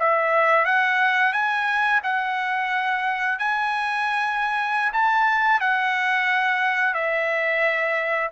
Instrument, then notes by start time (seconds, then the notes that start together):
trumpet
0.00 E5
0.66 F#5
1.33 G#5
2.04 F#5
3.39 G#5
4.93 A5
5.61 F#5
6.95 E5